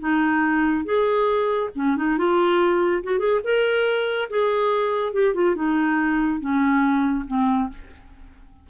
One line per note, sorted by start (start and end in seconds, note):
0.00 0.85 D#4
0.85 1.70 G#4
1.75 1.97 C#4
1.97 2.18 D#4
2.18 3.03 F4
3.03 3.19 F#4
3.19 3.40 G#4
3.44 4.29 A#4
4.30 5.13 G#4
5.13 5.34 G4
5.34 5.55 F4
5.55 6.40 D#4
6.40 7.25 C#4
7.27 7.69 C4